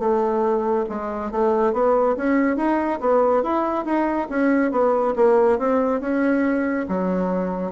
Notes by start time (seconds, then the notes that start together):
0.00 A3
0.90 G#3
1.32 A3
1.73 B3
2.17 C#4
2.57 D#4
3.01 B3
3.43 E4
3.86 D#4
4.30 C#4
4.72 B3
5.16 A#3
5.59 C4
6.01 C#4
6.89 F#3